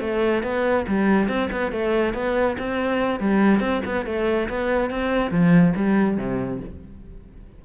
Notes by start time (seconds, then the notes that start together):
0.00 A3
0.43 B3
0.87 G3
1.28 C4
1.51 B3
1.72 A3
2.14 B3
2.58 C4
3.20 G3
3.60 C4
3.85 B3
4.06 A3
4.49 B3
4.90 C4
5.31 F3
5.76 G3
6.17 C3